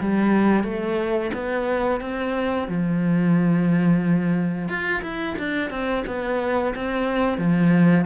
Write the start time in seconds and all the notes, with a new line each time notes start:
0.00 G3
0.63 A3
1.33 B3
2.00 C4
2.68 F3
4.68 F4
5.02 E4
5.38 D4
5.70 C4
6.06 B3
6.75 C4
7.37 F3